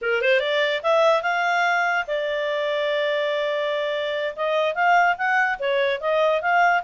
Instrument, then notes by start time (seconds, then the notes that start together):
clarinet
0.01 A#4
0.21 C5
0.39 D5
0.83 E5
1.22 F5
2.07 D5
4.36 D#5
4.74 F5
5.17 F#5
5.59 C#5
6.00 D#5
6.41 F5